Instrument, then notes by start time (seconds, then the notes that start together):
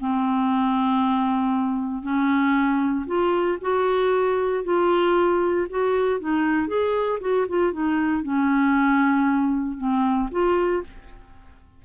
clarinet
0.00 C4
2.02 C#4
3.06 F4
3.61 F#4
4.64 F4
5.70 F#4
6.20 D#4
6.67 G#4
7.20 F#4
7.49 F4
7.73 D#4
8.23 C#4
9.78 C4
10.31 F4